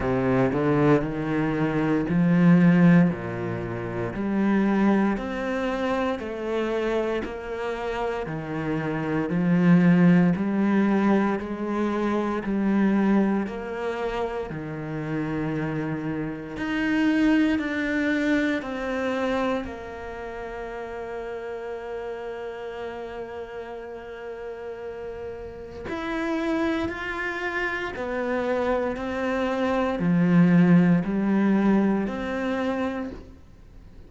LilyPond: \new Staff \with { instrumentName = "cello" } { \time 4/4 \tempo 4 = 58 c8 d8 dis4 f4 ais,4 | g4 c'4 a4 ais4 | dis4 f4 g4 gis4 | g4 ais4 dis2 |
dis'4 d'4 c'4 ais4~ | ais1~ | ais4 e'4 f'4 b4 | c'4 f4 g4 c'4 | }